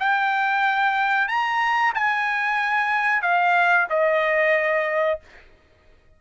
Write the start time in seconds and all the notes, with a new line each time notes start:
0.00 G5
1.28 A#5
1.95 G#5
3.22 F5
3.90 D#5